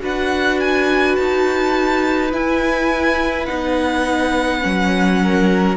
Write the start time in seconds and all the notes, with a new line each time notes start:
0.00 D4 F#4 B4 F#5
0.60 G#5
1.16 D#4 A5
2.32 E4 G#5
3.46 B3 D#4 F#5
4.61 F#3 C#4
5.23 A#4